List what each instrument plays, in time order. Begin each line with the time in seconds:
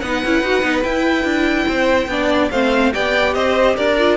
0.00 cello B3, viola D#4, violin B4 F#5
0.25 cello C#4, viola E4
0.42 cello D#4, viola F#4
0.62 cello B3, viola D#4
0.83 viola E4, cello E4, violin G5
1.25 cello D4
1.67 cello C4, violin C5
2.08 cello B3, viola D4, violin D5
2.51 cello A3, viola C4, violin C5 F5
2.93 cello B3, viola G4, violin D5 G5
3.34 cello C4, violin C5 D#5
3.77 cello D4, violin A#4 D5
3.99 viola F4